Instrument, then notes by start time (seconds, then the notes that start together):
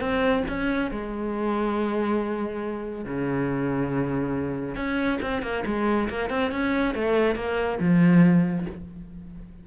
cello
0.00 C4
0.48 C#4
0.91 G#3
3.05 C#3
4.76 C#4
5.22 C4
5.42 A#3
5.66 G#3
6.09 A#3
6.30 C4
6.52 C#4
6.95 A3
7.35 A#3
7.80 F3